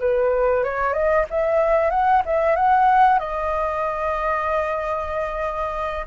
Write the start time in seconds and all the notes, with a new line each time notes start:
0.00 B4
0.64 C#5
0.93 D#5
1.30 E5
1.90 F#5
2.25 E5
2.56 F#5
3.19 D#5